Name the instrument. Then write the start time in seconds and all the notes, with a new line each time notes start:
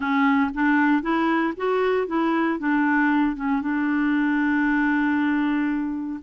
clarinet
0.00 C#4
0.54 D4
1.02 E4
1.56 F#4
2.07 E4
2.59 D4
3.36 C#4
3.61 D4